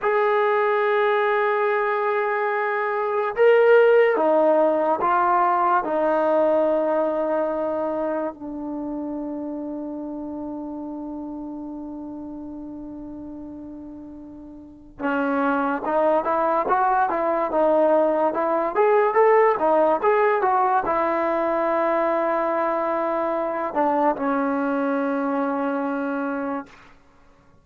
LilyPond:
\new Staff \with { instrumentName = "trombone" } { \time 4/4 \tempo 4 = 72 gis'1 | ais'4 dis'4 f'4 dis'4~ | dis'2 d'2~ | d'1~ |
d'2 cis'4 dis'8 e'8 | fis'8 e'8 dis'4 e'8 gis'8 a'8 dis'8 | gis'8 fis'8 e'2.~ | e'8 d'8 cis'2. | }